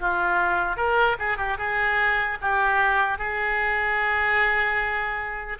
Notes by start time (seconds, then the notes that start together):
0.00 F4
0.77 A#4
1.19 G#4
1.38 G4
1.58 G#4
2.41 G4
3.18 G#4